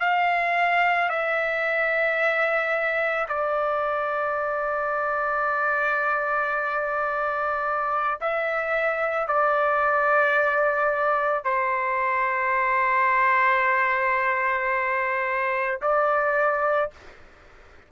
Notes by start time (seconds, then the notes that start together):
0.00 F5
1.09 E5
3.29 D5
8.21 E5
9.28 D5
11.44 C5
15.82 D5